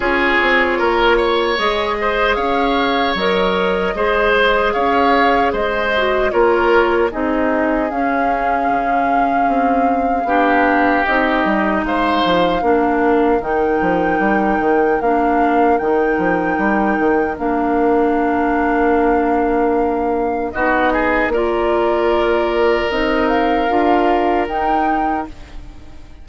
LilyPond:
<<
  \new Staff \with { instrumentName = "flute" } { \time 4/4 \tempo 4 = 76 cis''2 dis''4 f''4 | dis''2 f''4 dis''4 | cis''4 dis''4 f''2~ | f''2 dis''4 f''4~ |
f''4 g''2 f''4 | g''2 f''2~ | f''2 dis''4 d''4~ | d''4 dis''8 f''4. g''4 | }
  \new Staff \with { instrumentName = "oboe" } { \time 4/4 gis'4 ais'8 cis''4 c''8 cis''4~ | cis''4 c''4 cis''4 c''4 | ais'4 gis'2.~ | gis'4 g'2 c''4 |
ais'1~ | ais'1~ | ais'2 fis'8 gis'8 ais'4~ | ais'1 | }
  \new Staff \with { instrumentName = "clarinet" } { \time 4/4 f'2 gis'2 | ais'4 gis'2~ gis'8 fis'8 | f'4 dis'4 cis'2~ | cis'4 d'4 dis'2 |
d'4 dis'2 d'4 | dis'2 d'2~ | d'2 dis'4 f'4~ | f'4 dis'4 f'4 dis'4 | }
  \new Staff \with { instrumentName = "bassoon" } { \time 4/4 cis'8 c'8 ais4 gis4 cis'4 | fis4 gis4 cis'4 gis4 | ais4 c'4 cis'4 cis4 | c'4 b4 c'8 g8 gis8 f8 |
ais4 dis8 f8 g8 dis8 ais4 | dis8 f8 g8 dis8 ais2~ | ais2 b4 ais4~ | ais4 c'4 d'4 dis'4 | }
>>